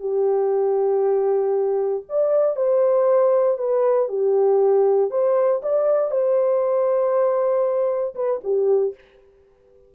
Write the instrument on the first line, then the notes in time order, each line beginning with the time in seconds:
horn
0.00 G4
2.09 D5
2.56 C5
3.58 B4
4.09 G4
5.11 C5
5.63 D5
6.11 C5
8.15 B4
8.44 G4